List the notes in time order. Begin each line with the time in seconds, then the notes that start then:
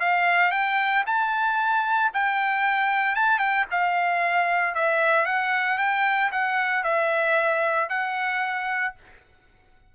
0.00 F5
0.51 G5
1.06 A5
2.14 G5
3.15 A5
3.39 G5
3.71 F5
4.75 E5
5.26 F#5
5.78 G5
6.32 F#5
6.84 E5
7.89 F#5